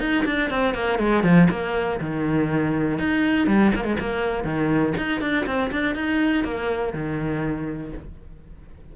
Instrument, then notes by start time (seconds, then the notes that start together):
cello
0.00 D#4
0.26 D4
0.50 C4
0.74 A#3
0.99 G#3
1.23 F3
1.50 A#3
2.01 D#3
2.99 D#4
3.47 G3
3.76 A#3
3.84 G#3
4.00 A#3
4.44 D#3
4.98 D#4
5.21 D4
5.46 C4
5.72 D4
5.95 D#4
6.44 A#3
6.94 D#3